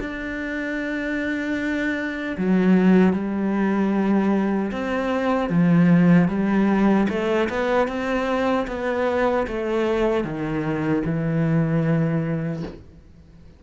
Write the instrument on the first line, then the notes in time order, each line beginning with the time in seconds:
cello
0.00 D4
2.38 F#3
3.13 G3
4.72 C4
5.49 F3
6.28 G3
7.09 A3
7.49 B3
7.88 C4
8.67 B3
9.47 A3
10.24 D#3
11.05 E3